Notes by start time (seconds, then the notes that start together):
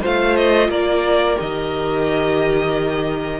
0.00 A3 F4 C5 F5
0.36 D#5
0.68 A#3 A#4 D5
1.36 D#3 G4 D#5